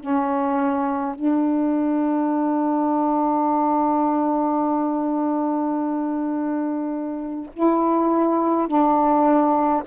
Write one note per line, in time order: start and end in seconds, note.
0.00 1.15 C#4
1.15 7.49 D4
7.54 8.67 E4
8.67 9.83 D4